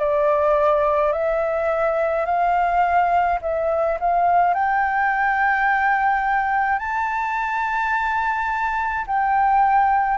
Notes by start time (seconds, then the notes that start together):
0.00 D5
1.13 E5
2.26 F5
3.42 E5
4.00 F5
4.54 G5
6.79 A5
9.07 G5